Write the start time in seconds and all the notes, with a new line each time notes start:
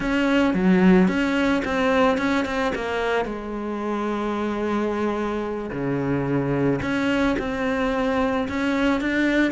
0.00 C#4
0.54 F#3
1.08 C#4
1.64 C4
2.17 C#4
2.45 C4
2.75 A#3
3.25 G#3
5.70 C#3
6.82 C#4
7.39 C4
8.48 C#4
9.00 D4